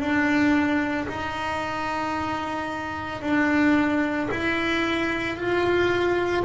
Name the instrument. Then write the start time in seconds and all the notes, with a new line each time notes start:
double bass
0.00 D4
1.08 D#4
3.22 D4
4.31 E4
5.37 F4